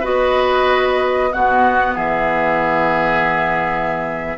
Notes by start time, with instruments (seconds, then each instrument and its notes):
0.00 bassoon B3, clarinet F#4, oboe B4, flute D#5
1.31 bassoon B2, clarinet B3, oboe F#4, flute F#5
1.95 bassoon E3, oboe G#4, flute E5